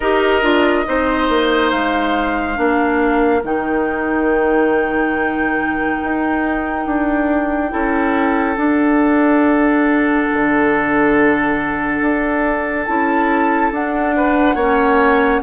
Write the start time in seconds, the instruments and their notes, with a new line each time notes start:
0.00 bassoon D#4, clarinet G4, oboe A#4, flute D#5
0.42 bassoon D4, clarinet F4
0.85 bassoon C4, clarinet D#4, oboe C5
1.29 bassoon A#3
1.70 bassoon G#3, flute F5
2.55 bassoon A#3, clarinet D4, oboe A#4
3.42 bassoon D#3, clarinet D#4, flute G5
6.03 bassoon D#4
6.86 bassoon D4
7.70 bassoon C#4, clarinet E4, oboe A4
8.56 bassoon D4, clarinet D4, flute F#5
10.33 bassoon D3
12.00 bassoon D4
12.85 bassoon C#4, clarinet E4, flute A5
13.71 bassoon D4, clarinet D4, flute F#5
14.16 oboe B4
14.55 bassoon A#3, clarinet C#4, oboe C#5